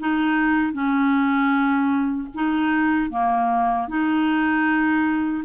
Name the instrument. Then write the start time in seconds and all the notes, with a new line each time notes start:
clarinet
0.00 D#4
0.73 C#4
2.34 D#4
3.10 A#3
3.89 D#4